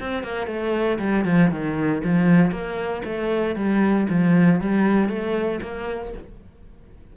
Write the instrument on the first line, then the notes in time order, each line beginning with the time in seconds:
cello
0.00 C4
0.23 A#3
0.47 A3
0.99 G3
1.25 F3
1.51 D#3
2.04 F3
2.51 A#3
3.05 A3
3.56 G3
4.10 F3
4.61 G3
5.09 A3
5.62 A#3